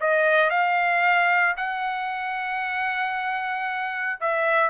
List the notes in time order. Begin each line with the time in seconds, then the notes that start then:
0.00 D#5
0.50 F5
1.57 F#5
4.21 E5